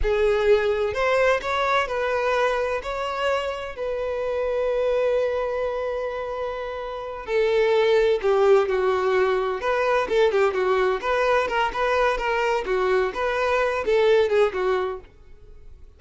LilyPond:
\new Staff \with { instrumentName = "violin" } { \time 4/4 \tempo 4 = 128 gis'2 c''4 cis''4 | b'2 cis''2 | b'1~ | b'2.~ b'8 a'8~ |
a'4. g'4 fis'4.~ | fis'8 b'4 a'8 g'8 fis'4 b'8~ | b'8 ais'8 b'4 ais'4 fis'4 | b'4. a'4 gis'8 fis'4 | }